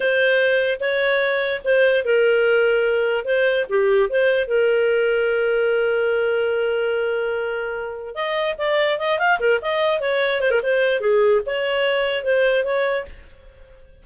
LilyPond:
\new Staff \with { instrumentName = "clarinet" } { \time 4/4 \tempo 4 = 147 c''2 cis''2 | c''4 ais'2. | c''4 g'4 c''4 ais'4~ | ais'1~ |
ais'1 | dis''4 d''4 dis''8 f''8 ais'8 dis''8~ | dis''8 cis''4 c''16 ais'16 c''4 gis'4 | cis''2 c''4 cis''4 | }